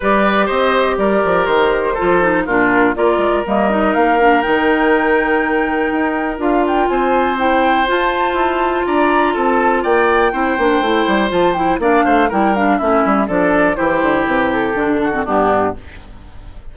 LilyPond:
<<
  \new Staff \with { instrumentName = "flute" } { \time 4/4 \tempo 4 = 122 d''4 dis''4 d''4 c''4~ | c''4 ais'4 d''4 dis''4 | f''4 g''2.~ | g''4 f''8 g''8 gis''4 g''4 |
a''2 ais''4 a''4 | g''2. a''8 g''8 | f''4 g''8 f''8 e''4 d''4 | c''4 b'8 a'4. g'4 | }
  \new Staff \with { instrumentName = "oboe" } { \time 4/4 b'4 c''4 ais'2 | a'4 f'4 ais'2~ | ais'1~ | ais'2 c''2~ |
c''2 d''4 a'4 | d''4 c''2. | d''8 c''8 ais'4 e'4 a'4 | g'2~ g'8 fis'8 d'4 | }
  \new Staff \with { instrumentName = "clarinet" } { \time 4/4 g'1 | f'8 dis'8 d'4 f'4 ais8 dis'8~ | dis'8 d'8 dis'2.~ | dis'4 f'2 e'4 |
f'1~ | f'4 e'8 d'8 e'4 f'8 e'8 | d'4 e'8 d'8 cis'4 d'4 | e'2 d'8. c'16 b4 | }
  \new Staff \with { instrumentName = "bassoon" } { \time 4/4 g4 c'4 g8 f8 dis4 | f4 ais,4 ais8 gis8 g4 | ais4 dis2. | dis'4 d'4 c'2 |
f'4 e'4 d'4 c'4 | ais4 c'8 ais8 a8 g8 f4 | ais8 a8 g4 a8 g8 f4 | e8 d8 c4 d4 g,4 | }
>>